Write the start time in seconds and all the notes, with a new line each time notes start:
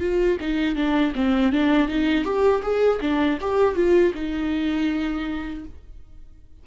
0.00 F4
0.41 D#4
0.76 D4
1.15 C4
1.52 D4
1.88 D#4
2.25 G4
2.62 G#4
3.01 D4
3.41 G4
3.75 F4
4.15 D#4